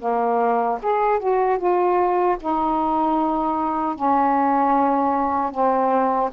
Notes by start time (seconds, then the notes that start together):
0.00 A#3
0.83 G#4
1.20 F#4
1.59 F4
2.40 D#4
3.96 C#4
5.52 C4